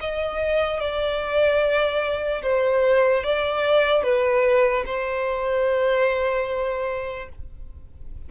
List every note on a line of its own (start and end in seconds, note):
0.00 0.80 D#5
0.80 2.42 D5
2.42 3.23 C5
3.23 4.03 D5
4.03 4.84 B4
4.85 7.29 C5